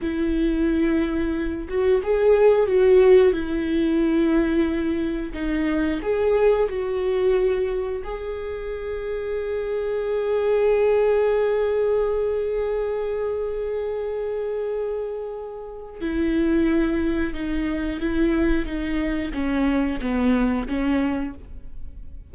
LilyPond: \new Staff \with { instrumentName = "viola" } { \time 4/4 \tempo 4 = 90 e'2~ e'8 fis'8 gis'4 | fis'4 e'2. | dis'4 gis'4 fis'2 | gis'1~ |
gis'1~ | gis'1 | e'2 dis'4 e'4 | dis'4 cis'4 b4 cis'4 | }